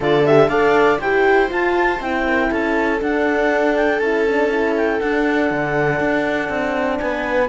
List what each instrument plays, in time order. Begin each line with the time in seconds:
0.00 cello D3, horn F4, viola A4, clarinet D5
0.26 horn G4, clarinet E5
0.48 cello D4, horn A4, viola D5, clarinet F5
0.99 cello E4, horn G4, viola C5, clarinet G5
1.49 horn F4, cello F4, clarinet A5
2.00 cello C4, horn E4, clarinet G5
2.26 viola A#4
2.49 cello C#4, viola A4, clarinet A5
2.99 horn D4, cello D4, clarinet F#5
3.76 clarinet G5
3.99 cello C#4, horn E4, clarinet A5
4.29 horn D4
4.50 horn E4
4.76 clarinet G5
5.00 horn D4, cello D4, clarinet F#5
5.50 cello D3
6.00 cello D4
6.49 cello C4
6.99 cello B3, viola B4, clarinet G#5